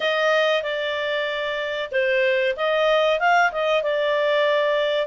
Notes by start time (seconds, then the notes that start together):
0.00 D#5
0.62 D5
1.91 C5
2.56 D#5
3.19 F5
3.52 D#5
3.83 D5